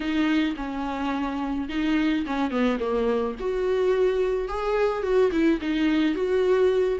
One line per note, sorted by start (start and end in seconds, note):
0.00 0.55 D#4
0.56 1.68 C#4
1.68 2.25 D#4
2.26 2.51 C#4
2.51 2.79 B3
2.79 3.35 A#3
3.39 4.48 F#4
4.48 5.02 G#4
5.02 5.30 F#4
5.31 5.59 E4
5.61 6.14 D#4
6.14 6.98 F#4